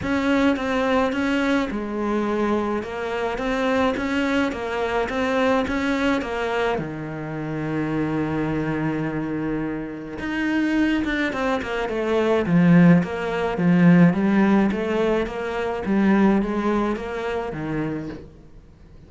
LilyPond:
\new Staff \with { instrumentName = "cello" } { \time 4/4 \tempo 4 = 106 cis'4 c'4 cis'4 gis4~ | gis4 ais4 c'4 cis'4 | ais4 c'4 cis'4 ais4 | dis1~ |
dis2 dis'4. d'8 | c'8 ais8 a4 f4 ais4 | f4 g4 a4 ais4 | g4 gis4 ais4 dis4 | }